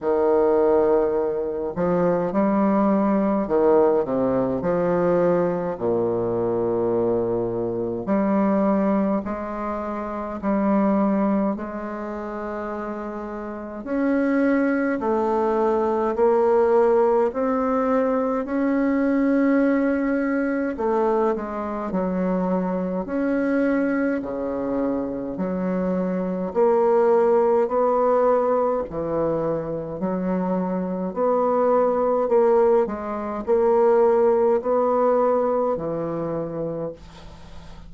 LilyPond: \new Staff \with { instrumentName = "bassoon" } { \time 4/4 \tempo 4 = 52 dis4. f8 g4 dis8 c8 | f4 ais,2 g4 | gis4 g4 gis2 | cis'4 a4 ais4 c'4 |
cis'2 a8 gis8 fis4 | cis'4 cis4 fis4 ais4 | b4 e4 fis4 b4 | ais8 gis8 ais4 b4 e4 | }